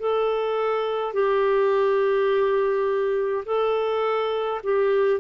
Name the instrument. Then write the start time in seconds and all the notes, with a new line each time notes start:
clarinet
0.00 A4
1.13 G4
3.46 A4
4.64 G4